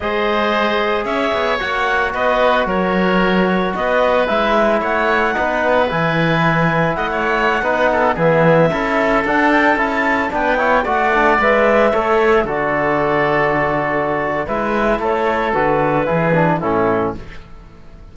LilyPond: <<
  \new Staff \with { instrumentName = "clarinet" } { \time 4/4 \tempo 4 = 112 dis''2 e''4 fis''4 | dis''4 cis''2 dis''4 | e''4 fis''2 gis''4~ | gis''4 fis''2~ fis''16 e''8.~ |
e''4~ e''16 fis''8 g''8 a''4 g''8.~ | g''16 fis''4 e''2 d''8.~ | d''2. e''4 | cis''4 b'2 a'4 | }
  \new Staff \with { instrumentName = "oboe" } { \time 4/4 c''2 cis''2 | b'4 ais'2 b'4~ | b'4 cis''4 b'2~ | b'4 dis''16 cis''4 b'8 a'8 gis'8.~ |
gis'16 a'2. b'8 cis''16~ | cis''16 d''2 cis''4 a'8.~ | a'2. b'4 | a'2 gis'4 e'4 | }
  \new Staff \with { instrumentName = "trombone" } { \time 4/4 gis'2. fis'4~ | fis'1 | e'2 dis'4 e'4~ | e'2~ e'16 dis'4 b8.~ |
b16 e'4 d'4 e'4 d'8 e'16~ | e'16 fis'8 d'8 b'4 a'4 fis'8.~ | fis'2. e'4~ | e'4 fis'4 e'8 d'8 cis'4 | }
  \new Staff \with { instrumentName = "cello" } { \time 4/4 gis2 cis'8 b8 ais4 | b4 fis2 b4 | gis4 a4 b4 e4~ | e4 a4~ a16 b4 e8.~ |
e16 cis'4 d'4 cis'4 b8.~ | b16 a4 gis4 a4 d8.~ | d2. gis4 | a4 d4 e4 a,4 | }
>>